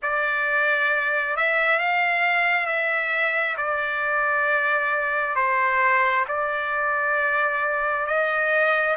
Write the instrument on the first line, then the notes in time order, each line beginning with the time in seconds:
trumpet
0.02 D5
1.36 E5
1.79 F5
2.66 E5
3.57 D5
5.35 C5
6.28 D5
8.06 D#5